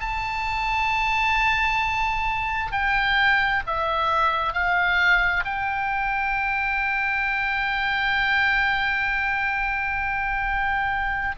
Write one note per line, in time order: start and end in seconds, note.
0.00 2.72 A5
2.72 3.63 G5
3.67 4.53 E5
4.53 5.44 F5
5.45 11.36 G5